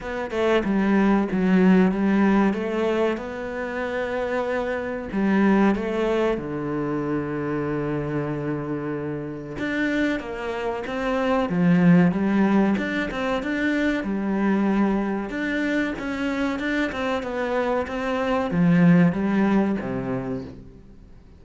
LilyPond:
\new Staff \with { instrumentName = "cello" } { \time 4/4 \tempo 4 = 94 b8 a8 g4 fis4 g4 | a4 b2. | g4 a4 d2~ | d2. d'4 |
ais4 c'4 f4 g4 | d'8 c'8 d'4 g2 | d'4 cis'4 d'8 c'8 b4 | c'4 f4 g4 c4 | }